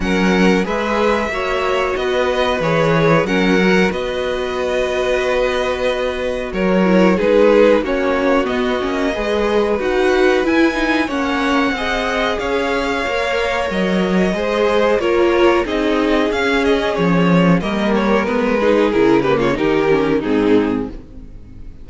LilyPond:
<<
  \new Staff \with { instrumentName = "violin" } { \time 4/4 \tempo 4 = 92 fis''4 e''2 dis''4 | cis''4 fis''4 dis''2~ | dis''2 cis''4 b'4 | cis''4 dis''2 fis''4 |
gis''4 fis''2 f''4~ | f''4 dis''2 cis''4 | dis''4 f''8 dis''8 cis''4 dis''8 cis''8 | b'4 ais'8 b'16 cis''16 ais'4 gis'4 | }
  \new Staff \with { instrumentName = "violin" } { \time 4/4 ais'4 b'4 cis''4 b'4~ | b'4 ais'4 b'2~ | b'2 ais'4 gis'4 | fis'2 b'2~ |
b'4 cis''4 dis''4 cis''4~ | cis''2 c''4 ais'4 | gis'2. ais'4~ | ais'8 gis'4 g'16 f'16 g'4 dis'4 | }
  \new Staff \with { instrumentName = "viola" } { \time 4/4 cis'4 gis'4 fis'2 | gis'4 cis'8 fis'2~ fis'8~ | fis'2~ fis'8 e'8 dis'4 | cis'4 b8 cis'8 gis'4 fis'4 |
e'8 dis'8 cis'4 gis'2 | ais'2 gis'4 f'4 | dis'4 cis'2 ais4 | b8 dis'8 e'8 ais8 dis'8 cis'8 c'4 | }
  \new Staff \with { instrumentName = "cello" } { \time 4/4 fis4 gis4 ais4 b4 | e4 fis4 b2~ | b2 fis4 gis4 | ais4 b8 ais8 gis4 dis'4 |
e'4 ais4 c'4 cis'4 | ais4 fis4 gis4 ais4 | c'4 cis'4 f4 g4 | gis4 cis4 dis4 gis,4 | }
>>